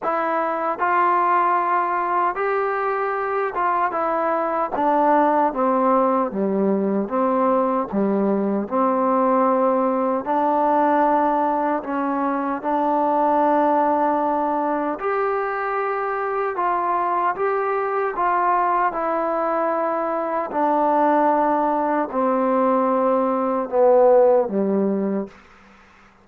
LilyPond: \new Staff \with { instrumentName = "trombone" } { \time 4/4 \tempo 4 = 76 e'4 f'2 g'4~ | g'8 f'8 e'4 d'4 c'4 | g4 c'4 g4 c'4~ | c'4 d'2 cis'4 |
d'2. g'4~ | g'4 f'4 g'4 f'4 | e'2 d'2 | c'2 b4 g4 | }